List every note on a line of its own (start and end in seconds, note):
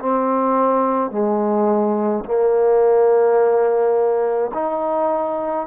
0.00 1.12 C4
1.12 2.25 G#3
2.25 4.52 A#3
4.54 5.68 D#4